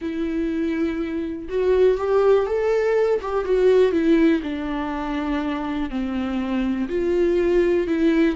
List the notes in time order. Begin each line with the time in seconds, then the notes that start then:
0.01 E4
1.48 F#4
1.97 G4
2.46 A4
3.21 G4
3.44 F#4
3.91 E4
4.42 D4
5.89 C4
6.88 F4
7.87 E4